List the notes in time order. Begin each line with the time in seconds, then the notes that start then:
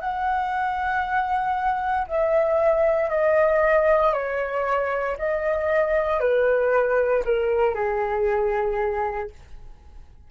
0.00 F#5
2.07 E5
3.10 D#5
4.14 C#5
5.18 D#5
6.21 B4
7.25 A#4
7.75 G#4